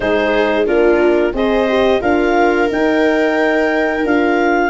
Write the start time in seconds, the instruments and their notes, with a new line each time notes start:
0.00 tuba G#3, horn D#4, viola G#4, clarinet C5
0.66 tuba A#3, horn D4, viola F4, clarinet A#4
1.33 tuba C4, horn G#4, viola C5, clarinet D#5
1.68 horn G4
2.00 tuba D4, horn F4, viola A#4, clarinet F5
2.68 horn D#4, tuba D#4, clarinet G5
4.05 tuba D4, horn F4, clarinet F5